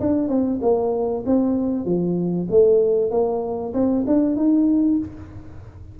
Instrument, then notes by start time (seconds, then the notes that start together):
tuba
0.00 D4
0.28 C4
0.62 A#3
1.26 C4
1.85 F3
2.50 A3
3.11 A#3
3.74 C4
4.07 D4
4.36 D#4